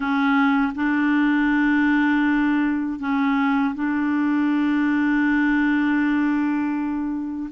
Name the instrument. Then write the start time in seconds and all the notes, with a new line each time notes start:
clarinet
0.00 C#4
0.75 D4
2.99 C#4
3.75 D4